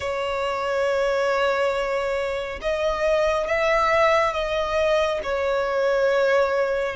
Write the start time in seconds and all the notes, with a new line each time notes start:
0.00 C#5
2.61 D#5
3.47 E5
4.33 D#5
5.23 C#5